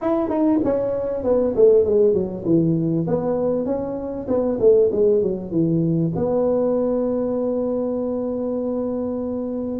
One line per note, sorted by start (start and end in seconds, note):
0.01 0.29 E4
0.29 0.59 D#4
0.64 1.23 C#4
1.23 1.54 B3
1.55 1.85 A3
1.85 2.13 G#3
2.13 2.44 F#3
2.45 3.06 E3
3.07 3.65 B3
3.65 4.26 C#4
4.27 4.58 B3
4.59 4.90 A3
4.91 5.22 G#3
5.22 5.51 F#3
5.51 6.12 E3
6.15 9.80 B3